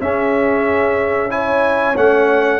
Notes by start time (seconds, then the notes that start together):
0.00 C#4 G#4 E5
1.29 E4 C#5 G#5
1.96 A3 C#4 F#5